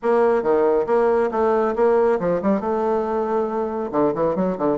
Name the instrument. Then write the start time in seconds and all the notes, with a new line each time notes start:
bassoon
0.02 A#3
0.42 D#3
0.86 A#3
1.31 A3
1.75 A#3
2.19 F3
2.42 G3
2.60 A3
3.91 D3
4.14 E3
4.35 F#3
4.58 D3